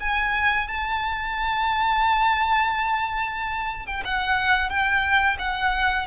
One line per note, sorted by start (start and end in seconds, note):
0.00 0.67 G#5
0.68 3.86 A5
3.86 4.03 G5
4.05 4.69 F#5
4.69 5.37 G5
5.39 6.06 F#5